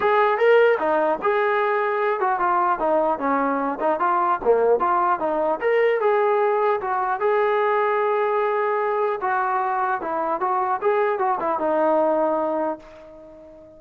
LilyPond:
\new Staff \with { instrumentName = "trombone" } { \time 4/4 \tempo 4 = 150 gis'4 ais'4 dis'4 gis'4~ | gis'4. fis'8 f'4 dis'4 | cis'4. dis'8 f'4 ais4 | f'4 dis'4 ais'4 gis'4~ |
gis'4 fis'4 gis'2~ | gis'2. fis'4~ | fis'4 e'4 fis'4 gis'4 | fis'8 e'8 dis'2. | }